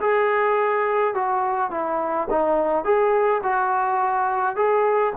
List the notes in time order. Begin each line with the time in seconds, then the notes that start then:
0.00 G#4
1.14 F#4
1.70 E4
2.30 D#4
2.84 G#4
3.43 F#4
4.56 G#4